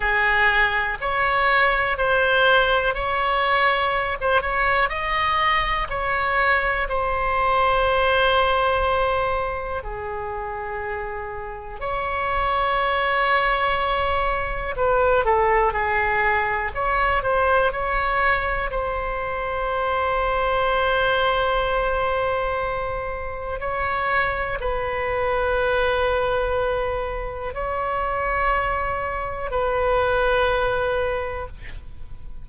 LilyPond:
\new Staff \with { instrumentName = "oboe" } { \time 4/4 \tempo 4 = 61 gis'4 cis''4 c''4 cis''4~ | cis''16 c''16 cis''8 dis''4 cis''4 c''4~ | c''2 gis'2 | cis''2. b'8 a'8 |
gis'4 cis''8 c''8 cis''4 c''4~ | c''1 | cis''4 b'2. | cis''2 b'2 | }